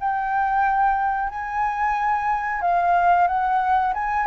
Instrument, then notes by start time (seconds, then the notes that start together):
flute
0.00 G5
1.30 G#5
2.62 F5
3.28 F#5
3.94 G#5